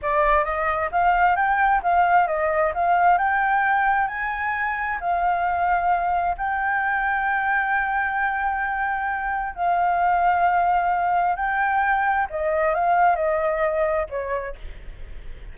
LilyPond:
\new Staff \with { instrumentName = "flute" } { \time 4/4 \tempo 4 = 132 d''4 dis''4 f''4 g''4 | f''4 dis''4 f''4 g''4~ | g''4 gis''2 f''4~ | f''2 g''2~ |
g''1~ | g''4 f''2.~ | f''4 g''2 dis''4 | f''4 dis''2 cis''4 | }